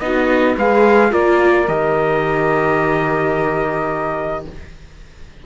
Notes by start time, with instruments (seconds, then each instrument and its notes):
0.00 cello B3, viola D#4, saxophone F#4, trumpet D#5
0.56 cello G#3, viola G#4, saxophone B4, trumpet F5
1.11 cello A#3, viola F4, saxophone A#4, trumpet D5
1.68 cello D#3, viola G4, trumpet D#5